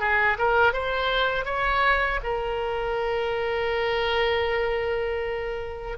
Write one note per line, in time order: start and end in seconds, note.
0.00 0.38 G#4
0.39 0.73 A#4
0.73 1.45 C5
1.45 2.20 C#5
2.24 5.98 A#4